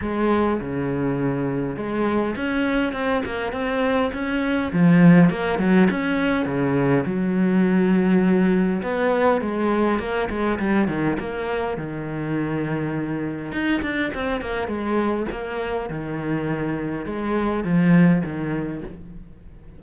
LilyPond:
\new Staff \with { instrumentName = "cello" } { \time 4/4 \tempo 4 = 102 gis4 cis2 gis4 | cis'4 c'8 ais8 c'4 cis'4 | f4 ais8 fis8 cis'4 cis4 | fis2. b4 |
gis4 ais8 gis8 g8 dis8 ais4 | dis2. dis'8 d'8 | c'8 ais8 gis4 ais4 dis4~ | dis4 gis4 f4 dis4 | }